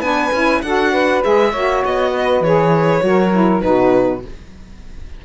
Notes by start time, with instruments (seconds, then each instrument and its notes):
0.00 cello B3, saxophone D4 B4, violin G#5
0.32 cello C#4, saxophone E4
0.62 cello D4, saxophone F#4 A4, violin F#5
0.91 saxophone B4
1.22 cello G#3, saxophone G#4, violin E5
1.50 cello A#3, saxophone F#4 C#5
1.85 cello B3, violin D#5
2.15 saxophone B4
2.40 cello E3, saxophone G#4, violin C#5
3.00 cello F#3, saxophone F#4 A#4
3.32 saxophone E4
3.60 cello B2, saxophone D#4 F#4, violin B4